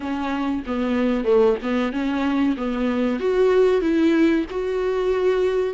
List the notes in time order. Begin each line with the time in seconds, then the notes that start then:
0.00 C#4
0.66 B3
1.24 A3
1.62 B3
1.92 C#4
2.56 B3
3.19 F#4
3.81 E4
4.50 F#4